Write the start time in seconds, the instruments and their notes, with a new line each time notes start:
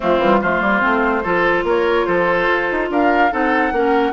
0.00 bassoon F3, clarinet A3, oboe C4, flute F4
0.18 bassoon E3, clarinet G3
0.41 bassoon F3, clarinet A3, oboe F4, flute C5
0.60 bassoon G3, clarinet A#3
0.80 bassoon A3, clarinet C4
1.23 bassoon F3, clarinet F4, oboe A4
1.63 bassoon A#3, oboe A#4, flute C#5
2.06 bassoon F3, oboe A4, flute C5
2.47 bassoon F4
2.71 bassoon D#4
2.90 bassoon D4, oboe A#4, flute F5
3.31 bassoon C4, clarinet D#4, oboe A4, flute F#5
3.71 bassoon A#3, clarinet C#4, oboe A#4